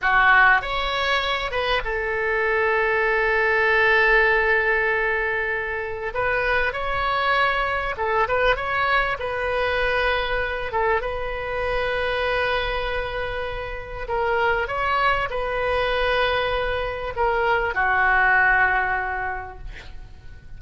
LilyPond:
\new Staff \with { instrumentName = "oboe" } { \time 4/4 \tempo 4 = 98 fis'4 cis''4. b'8 a'4~ | a'1~ | a'2 b'4 cis''4~ | cis''4 a'8 b'8 cis''4 b'4~ |
b'4. a'8 b'2~ | b'2. ais'4 | cis''4 b'2. | ais'4 fis'2. | }